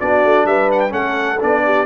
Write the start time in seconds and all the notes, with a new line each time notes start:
0.00 B3 D4 F#4 D5
0.25 A3
0.46 G3 B4 E5
0.72 F#5
0.80 G5
0.90 A3 C#4 A4 F#5
1.40 B3 D4 D5
1.65 G4